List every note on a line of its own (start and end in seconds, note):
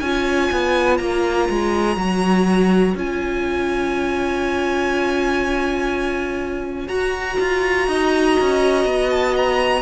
0.00 0.50 C#4
0.00 1.97 F4
0.00 7.89 C#5
0.00 0.98 G#5
0.52 1.00 B3
0.98 1.49 A#3
0.98 2.94 A#5
1.49 1.97 G#3
1.97 2.95 F#3
1.97 2.95 F#4
2.95 6.88 C#4
2.95 6.88 F4
2.95 6.89 G#5
6.88 9.83 F#4
6.88 7.38 F#4
6.88 9.10 A#5
7.40 7.88 F4
7.88 8.37 D#4
7.88 9.83 D#5
8.41 8.85 C#4
8.85 9.83 B3
9.10 9.35 A5
9.37 9.83 A#5